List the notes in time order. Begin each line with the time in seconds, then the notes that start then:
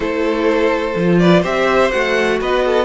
0.00 A3 E4 A4 C5
0.95 F3 F4
1.18 B4 D5
1.41 C4 G4 C5 E5
1.91 A3 F#4 F#5
2.40 B3 B4 D#5
2.66 A4